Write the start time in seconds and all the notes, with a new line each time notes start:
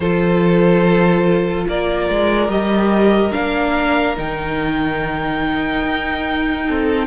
0.00 F3 F4 A4 C5
1.67 A#3 A#4 D5
2.09 G#3
2.48 G3 G4 D#5
3.32 A#3 D4 F5
4.15 D#3 D#4 G5
5.82 D#4
6.65 C4 A4